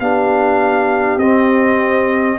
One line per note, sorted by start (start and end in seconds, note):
0.00 1.17 B3
0.00 1.20 D4
0.00 2.40 G4
0.00 1.19 F5
1.17 2.37 C4
1.17 2.40 C4
1.17 2.39 D#5